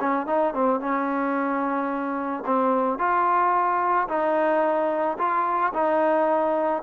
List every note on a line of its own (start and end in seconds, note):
0.00 0.27 C#4
0.27 0.54 D#4
0.54 0.80 C4
0.80 2.44 C#4
2.46 2.99 C4
2.99 4.08 F4
4.08 5.17 D#4
5.18 5.73 F4
5.73 6.83 D#4